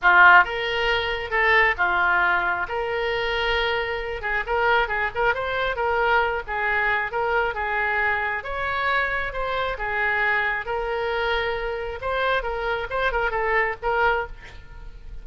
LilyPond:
\new Staff \with { instrumentName = "oboe" } { \time 4/4 \tempo 4 = 135 f'4 ais'2 a'4 | f'2 ais'2~ | ais'4. gis'8 ais'4 gis'8 ais'8 | c''4 ais'4. gis'4. |
ais'4 gis'2 cis''4~ | cis''4 c''4 gis'2 | ais'2. c''4 | ais'4 c''8 ais'8 a'4 ais'4 | }